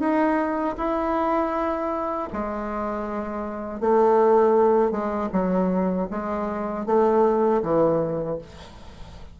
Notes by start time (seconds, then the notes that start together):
0.00 D#4
0.78 E4
2.33 G#3
3.81 A3
4.92 G#3
5.33 F#3
6.11 G#3
6.87 A3
7.63 E3